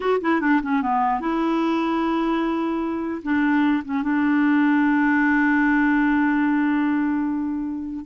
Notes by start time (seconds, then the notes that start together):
0.00 F#4
0.21 E4
0.40 D4
0.62 C#4
0.82 B3
1.20 E4
3.22 D4
3.84 C#4
4.02 D4